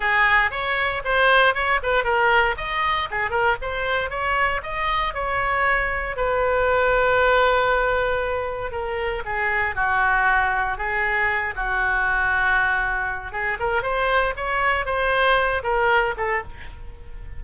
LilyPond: \new Staff \with { instrumentName = "oboe" } { \time 4/4 \tempo 4 = 117 gis'4 cis''4 c''4 cis''8 b'8 | ais'4 dis''4 gis'8 ais'8 c''4 | cis''4 dis''4 cis''2 | b'1~ |
b'4 ais'4 gis'4 fis'4~ | fis'4 gis'4. fis'4.~ | fis'2 gis'8 ais'8 c''4 | cis''4 c''4. ais'4 a'8 | }